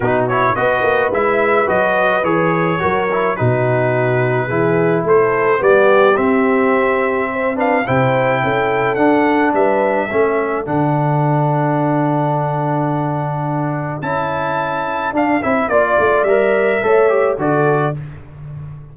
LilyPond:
<<
  \new Staff \with { instrumentName = "trumpet" } { \time 4/4 \tempo 4 = 107 b'8 cis''8 dis''4 e''4 dis''4 | cis''2 b'2~ | b'4 c''4 d''4 e''4~ | e''4. f''8 g''2 |
fis''4 e''2 fis''4~ | fis''1~ | fis''4 a''2 f''8 e''8 | d''4 e''2 d''4 | }
  \new Staff \with { instrumentName = "horn" } { \time 4/4 fis'4 b'2.~ | b'4 ais'4 fis'2 | gis'4 a'4 g'2~ | g'4 c''8 b'8 c''4 a'4~ |
a'4 b'4 a'2~ | a'1~ | a'1 | d''2 cis''4 a'4 | }
  \new Staff \with { instrumentName = "trombone" } { \time 4/4 dis'8 e'8 fis'4 e'4 fis'4 | gis'4 fis'8 e'8 dis'2 | e'2 b4 c'4~ | c'4. d'8 e'2 |
d'2 cis'4 d'4~ | d'1~ | d'4 e'2 d'8 e'8 | f'4 ais'4 a'8 g'8 fis'4 | }
  \new Staff \with { instrumentName = "tuba" } { \time 4/4 b,4 b8 ais8 gis4 fis4 | e4 fis4 b,2 | e4 a4 g4 c'4~ | c'2 c4 cis'4 |
d'4 g4 a4 d4~ | d1~ | d4 cis'2 d'8 c'8 | ais8 a8 g4 a4 d4 | }
>>